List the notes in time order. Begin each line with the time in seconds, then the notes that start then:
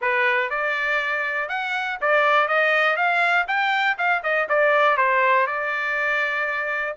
0.01 B4
0.50 D5
1.48 F#5
2.01 D5
2.47 D#5
2.96 F5
3.47 G5
3.98 F5
4.23 D#5
4.49 D5
4.97 C5
5.47 D5